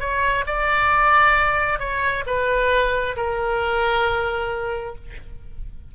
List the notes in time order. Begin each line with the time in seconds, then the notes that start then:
0.00 C#5
0.46 D5
1.80 C#5
2.27 B4
3.16 A#4